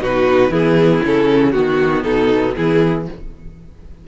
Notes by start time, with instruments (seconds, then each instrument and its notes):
0.00 cello B2, viola D#4, violin F#4 B4
0.49 cello E3, viola B3, violin E4 G#4
1.04 cello C#3, viola C#4, violin A4
1.52 cello D#3, viola B3, violin F#4
2.03 cello B2, violin D#4 A4
2.57 cello E3, violin E4 G#4